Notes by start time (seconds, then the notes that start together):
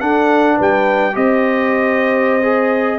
0.00 D4 A4 F#5
0.56 G3 B4 G5
1.13 C4 G4 C5 D#5
2.42 G#4